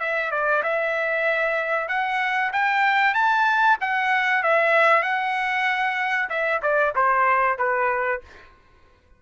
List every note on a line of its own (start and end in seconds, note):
0.00 0.31 E5
0.31 0.63 D5
0.63 1.89 E5
1.89 2.52 F#5
2.53 3.15 G5
3.15 3.78 A5
3.81 4.43 F#5
4.43 5.03 E5
5.03 6.29 F#5
6.30 6.61 E5
6.62 6.94 D5
6.96 7.59 C5
7.59 8.22 B4